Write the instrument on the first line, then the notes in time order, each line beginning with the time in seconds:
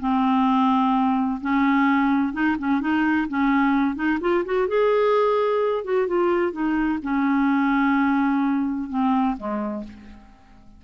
clarinet
0.00 C4
1.41 C#4
2.33 D#4
2.59 C#4
2.81 D#4
3.29 C#4
3.96 D#4
4.21 F4
4.46 F#4
4.68 G#4
5.85 F#4
6.08 F4
6.52 D#4
7.03 C#4
8.90 C4
9.37 G#3